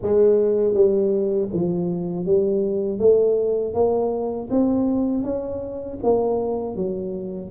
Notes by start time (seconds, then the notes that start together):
0.02 G#3
0.74 G3
1.53 F3
2.25 G3
2.98 A3
3.74 A#3
4.50 C4
5.23 C#4
6.03 A#3
6.75 F#3